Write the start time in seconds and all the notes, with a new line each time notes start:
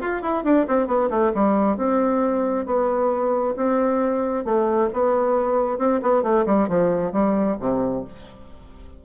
0.00 F4
0.22 E4
0.44 D4
0.67 C4
0.87 B3
1.10 A3
1.34 G3
1.77 C4
2.66 B3
3.56 C4
4.44 A3
4.93 B3
5.78 C4
6.02 B3
6.23 A3
6.46 G3
6.68 F3
7.12 G3
7.60 C3